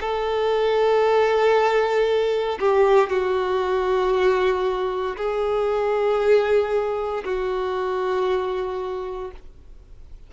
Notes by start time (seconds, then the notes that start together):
0.00 A4
2.60 G4
3.09 F#4
5.17 G#4
7.24 F#4